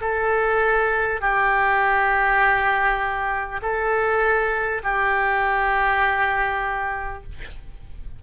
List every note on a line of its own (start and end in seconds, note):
0.00 1.20 A4
1.20 3.60 G4
3.62 4.82 A4
4.83 7.23 G4